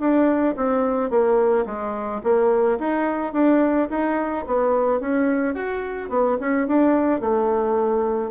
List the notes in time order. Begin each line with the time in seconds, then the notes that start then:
0.00 D4
0.57 C4
1.10 A#3
1.66 G#3
2.24 A#3
2.80 D#4
3.33 D4
3.90 D#4
4.47 B3
5.01 C#4
5.55 F#4
6.10 B3
6.41 C#4
6.68 D4
7.21 A3